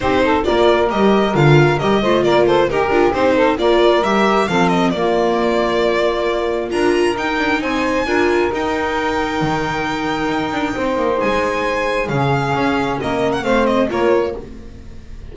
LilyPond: <<
  \new Staff \with { instrumentName = "violin" } { \time 4/4 \tempo 4 = 134 c''4 d''4 dis''4 f''4 | dis''4 d''8 c''8 ais'4 c''4 | d''4 e''4 f''8 dis''8 d''4~ | d''2. ais''4 |
g''4 gis''2 g''4~ | g''1~ | g''4 gis''2 f''4~ | f''4 dis''8. fis''16 f''8 dis''8 cis''4 | }
  \new Staff \with { instrumentName = "saxophone" } { \time 4/4 g'8 a'8 ais'2.~ | ais'8 c''8 ais'8 a'8 g'4. a'8 | ais'2 a'4 f'4~ | f'2. ais'4~ |
ais'4 c''4 ais'2~ | ais'1 | c''2. gis'4~ | gis'4 ais'4 c''4 ais'4 | }
  \new Staff \with { instrumentName = "viola" } { \time 4/4 dis'4 f'4 g'4 f'4 | g'8 f'4. g'8 f'8 dis'4 | f'4 g'4 c'4 ais4~ | ais2. f'4 |
dis'2 f'4 dis'4~ | dis'1~ | dis'2. cis'4~ | cis'2 c'4 f'4 | }
  \new Staff \with { instrumentName = "double bass" } { \time 4/4 c'4 ais4 g4 d4 | g8 a8 ais4 dis'8 d'8 c'4 | ais4 g4 f4 ais4~ | ais2. d'4 |
dis'8 d'8 c'4 d'4 dis'4~ | dis'4 dis2 dis'8 d'8 | c'8 ais8 gis2 cis4 | cis'4 ais4 a4 ais4 | }
>>